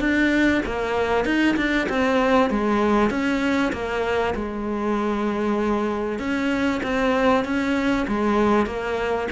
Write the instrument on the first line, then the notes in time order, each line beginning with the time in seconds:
cello
0.00 D4
0.66 A#3
1.25 D#4
1.57 D4
1.90 C4
2.50 G#3
3.10 C#4
3.73 A#3
4.35 G#3
6.19 C#4
6.83 C4
7.45 C#4
8.08 G#3
8.66 A#3